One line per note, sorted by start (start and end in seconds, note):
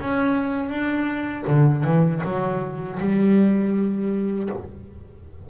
0.00 0.69 C#4
0.69 1.44 D4
1.47 1.84 D3
1.84 2.21 E3
2.24 2.99 F#3
2.99 4.49 G3